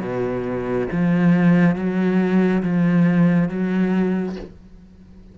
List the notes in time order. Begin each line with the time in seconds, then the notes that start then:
0.00 B2
0.91 F3
1.75 F#3
2.62 F3
3.49 F#3